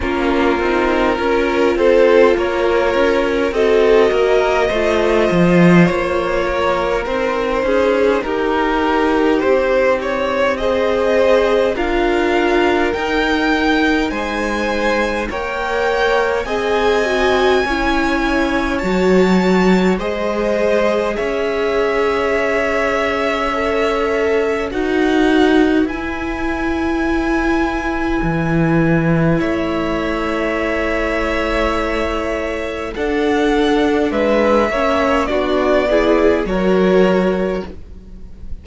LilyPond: <<
  \new Staff \with { instrumentName = "violin" } { \time 4/4 \tempo 4 = 51 ais'4. c''8 cis''4 dis''4~ | dis''4 cis''4 c''4 ais'4 | c''8 cis''8 dis''4 f''4 g''4 | gis''4 g''4 gis''2 |
a''4 dis''4 e''2~ | e''4 fis''4 gis''2~ | gis''4 e''2. | fis''4 e''4 d''4 cis''4 | }
  \new Staff \with { instrumentName = "violin" } { \time 4/4 f'4 ais'8 a'8 ais'4 a'8 ais'8 | c''4. ais'4 gis'8 g'4~ | g'4 c''4 ais'2 | c''4 cis''4 dis''4 cis''4~ |
cis''4 c''4 cis''2~ | cis''4 b'2.~ | b'4 cis''2. | a'4 b'8 cis''8 fis'8 gis'8 ais'4 | }
  \new Staff \with { instrumentName = "viola" } { \time 4/4 cis'8 dis'8 f'2 fis'4 | f'2 dis'2~ | dis'4 gis'4 f'4 dis'4~ | dis'4 ais'4 gis'8 fis'8 e'4 |
fis'4 gis'2. | a'4 fis'4 e'2~ | e'1 | d'4. cis'8 d'8 e'8 fis'4 | }
  \new Staff \with { instrumentName = "cello" } { \time 4/4 ais8 c'8 cis'8 c'8 ais8 cis'8 c'8 ais8 | a8 f8 ais4 c'8 cis'8 dis'4 | c'2 d'4 dis'4 | gis4 ais4 c'4 cis'4 |
fis4 gis4 cis'2~ | cis'4 dis'4 e'2 | e4 a2. | d'4 gis8 ais8 b4 fis4 | }
>>